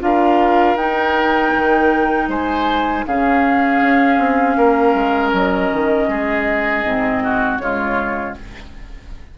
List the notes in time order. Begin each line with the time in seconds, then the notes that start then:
0.00 D4 F4 A#4 F5
0.76 D#4 G5
1.54 D#3
2.28 G#3 C5 G#5
3.07 C#3 C#4 G#4 F5
3.81 C#4
4.18 C4
4.56 A#3 A#4
4.94 G#3
5.30 F#3 D#5
5.72 D#3
6.08 G#3 G#4
6.84 G#2 C4
7.23 F#4
7.58 C#3 G#3 F4 C#5